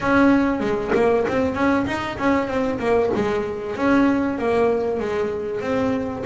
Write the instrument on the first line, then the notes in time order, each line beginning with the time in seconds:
double bass
0.00 C#4
0.60 G#3
0.94 A#3
1.28 C4
1.55 C#4
1.86 D#4
2.18 C#4
2.47 C4
2.79 A#3
3.15 G#3
3.76 C#4
4.38 A#3
4.99 G#3
5.61 C4